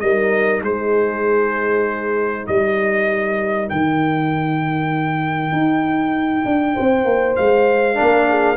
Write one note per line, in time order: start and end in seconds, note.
0.00 0.62 G3
0.00 7.95 D#4
0.00 0.64 A#4
0.00 0.61 D#5
0.62 2.46 G#3
0.62 2.48 G#4
0.62 2.47 C5
2.47 3.70 G3
2.47 6.74 A#4
2.47 3.69 D#5
3.69 5.52 D#3
3.69 7.36 G5
5.52 6.44 D#4
6.45 6.76 D4
6.74 7.05 C4
6.74 7.97 C5
7.05 7.35 A#3
7.36 8.00 G#3
7.36 8.57 F5
7.95 8.56 D4
7.95 8.28 A#4
8.01 8.57 A#3
8.29 8.57 G#4